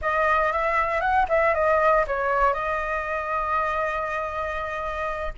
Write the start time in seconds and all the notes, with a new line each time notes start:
0.01 D#5
0.52 E5
1.00 F#5
1.28 E5
1.54 D#5
2.07 C#5
2.53 D#5